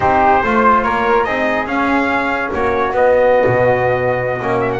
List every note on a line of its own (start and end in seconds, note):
0.00 0.42 C4
0.00 0.42 D#4
0.00 0.42 G4
0.00 0.82 C5
0.42 0.84 A3
0.42 1.27 F4
0.42 0.84 C5
0.82 1.26 A#3
0.82 1.25 A#4
0.82 1.24 C#5
1.24 1.66 C4
1.24 1.66 D#4
1.24 2.51 G#4
1.24 1.66 D#5
1.66 2.50 C#4
1.66 2.92 C#4
1.66 2.51 F5
2.52 2.92 A#3
2.52 4.80 F#4
2.52 2.95 C#5
2.92 3.44 B3
2.92 4.39 B3
2.92 4.59 D#5
3.46 4.40 B2
4.41 4.80 A#3
4.41 4.80 C#4
4.59 4.70 E5
4.73 4.80 F#5